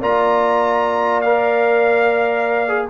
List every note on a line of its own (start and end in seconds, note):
0.00 2.89 A#3
0.00 1.25 F4
0.00 2.88 D5
0.00 1.21 A#5
1.21 2.68 A#4
1.21 2.86 F5
2.68 2.88 G#4